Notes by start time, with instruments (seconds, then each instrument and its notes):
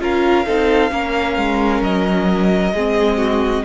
0.00 cello C#4, viola F4, violin A#4 F5
0.46 cello C4, viola D#4, violin A4
0.91 cello A#3, viola C#4, violin A#4
1.37 cello G#3
1.82 cello F#3, violin D#5
2.73 cello G#3, viola C4, violin G#4
3.18 violin F#4